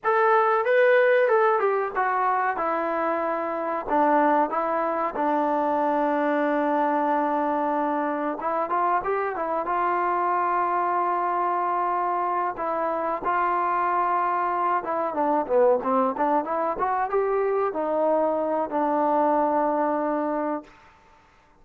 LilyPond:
\new Staff \with { instrumentName = "trombone" } { \time 4/4 \tempo 4 = 93 a'4 b'4 a'8 g'8 fis'4 | e'2 d'4 e'4 | d'1~ | d'4 e'8 f'8 g'8 e'8 f'4~ |
f'2.~ f'8 e'8~ | e'8 f'2~ f'8 e'8 d'8 | b8 c'8 d'8 e'8 fis'8 g'4 dis'8~ | dis'4 d'2. | }